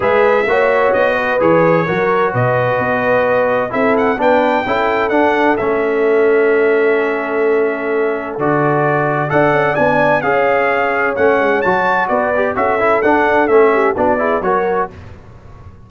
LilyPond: <<
  \new Staff \with { instrumentName = "trumpet" } { \time 4/4 \tempo 4 = 129 e''2 dis''4 cis''4~ | cis''4 dis''2. | e''8 fis''8 g''2 fis''4 | e''1~ |
e''2 d''2 | fis''4 gis''4 f''2 | fis''4 a''4 d''4 e''4 | fis''4 e''4 d''4 cis''4 | }
  \new Staff \with { instrumentName = "horn" } { \time 4/4 b'4 cis''4. b'4. | ais'4 b'2. | a'4 b'4 a'2~ | a'1~ |
a'1 | d''2 cis''2~ | cis''2 b'4 a'4~ | a'4. g'8 fis'8 gis'8 ais'4 | }
  \new Staff \with { instrumentName = "trombone" } { \time 4/4 gis'4 fis'2 gis'4 | fis'1 | e'4 d'4 e'4 d'4 | cis'1~ |
cis'2 fis'2 | a'4 d'4 gis'2 | cis'4 fis'4. g'8 fis'8 e'8 | d'4 cis'4 d'8 e'8 fis'4 | }
  \new Staff \with { instrumentName = "tuba" } { \time 4/4 gis4 ais4 b4 e4 | fis4 b,4 b2 | c'4 b4 cis'4 d'4 | a1~ |
a2 d2 | d'8 cis'8 b4 cis'2 | a8 gis8 fis4 b4 cis'4 | d'4 a4 b4 fis4 | }
>>